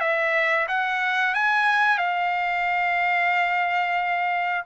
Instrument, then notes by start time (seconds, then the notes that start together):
trumpet
0.00 E5
0.68 F#5
1.34 G#5
1.98 F5